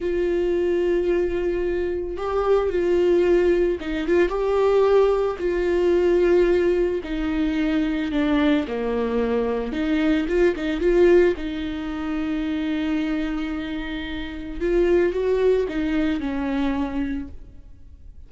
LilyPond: \new Staff \with { instrumentName = "viola" } { \time 4/4 \tempo 4 = 111 f'1 | g'4 f'2 dis'8 f'8 | g'2 f'2~ | f'4 dis'2 d'4 |
ais2 dis'4 f'8 dis'8 | f'4 dis'2.~ | dis'2. f'4 | fis'4 dis'4 cis'2 | }